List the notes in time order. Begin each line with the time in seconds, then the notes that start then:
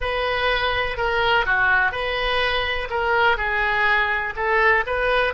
0.00 B4
0.97 A#4
1.45 F#4
1.91 B4
2.89 A#4
3.37 G#4
4.35 A4
4.86 B4